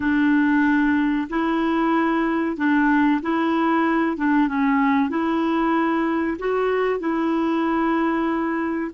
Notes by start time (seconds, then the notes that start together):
0.00 D4
1.29 E4
2.56 D4
3.21 E4
4.16 D4
4.47 C#4
5.09 E4
6.38 F#4
6.99 E4